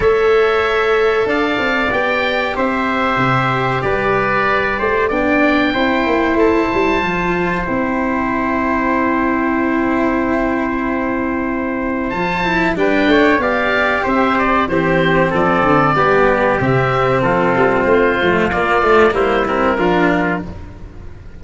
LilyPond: <<
  \new Staff \with { instrumentName = "oboe" } { \time 4/4 \tempo 4 = 94 e''2 f''4 g''4 | e''2 d''2 | g''2 a''2 | g''1~ |
g''2. a''4 | g''4 f''4 e''8 d''8 c''4 | d''2 e''4 a'4 | c''4 d''4 c''8 ais'4. | }
  \new Staff \with { instrumentName = "trumpet" } { \time 4/4 cis''2 d''2 | c''2 b'4. c''8 | d''4 c''2.~ | c''1~ |
c''1 | b'8 cis''8 d''4 c''4 g'4 | a'4 g'2 f'4~ | f'2 e'4 f'4 | }
  \new Staff \with { instrumentName = "cello" } { \time 4/4 a'2. g'4~ | g'1 | d'4 e'2 f'4 | e'1~ |
e'2. f'8 e'8 | d'4 g'2 c'4~ | c'4 b4 c'2~ | c'8 a8 ais8 a8 ais8 c'8 d'4 | }
  \new Staff \with { instrumentName = "tuba" } { \time 4/4 a2 d'8 c'8 b4 | c'4 c4 g4. a8 | b4 c'8 ais8 a8 g8 f4 | c'1~ |
c'2. f4 | g8 a8 b4 c'4 e4 | f8 d8 g4 c4 f8 g8 | a8 f8 ais8 a8 g4 f4 | }
>>